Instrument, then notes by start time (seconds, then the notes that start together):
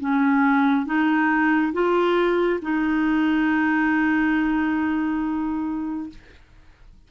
clarinet
0.00 C#4
0.86 D#4
1.73 F4
2.62 D#4